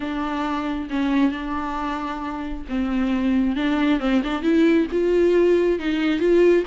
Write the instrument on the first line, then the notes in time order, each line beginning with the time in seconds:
viola
0.00 D4
0.89 C#4
1.31 D4
2.68 C4
3.56 D4
3.99 C4
4.23 D4
4.42 E4
4.91 F4
5.79 D#4
6.19 F4